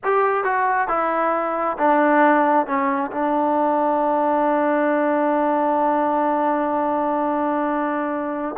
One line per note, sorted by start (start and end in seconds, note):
0.03 0.43 G4
0.43 0.88 F#4
0.88 1.77 E4
1.78 2.66 D4
2.66 3.10 C#4
3.11 8.55 D4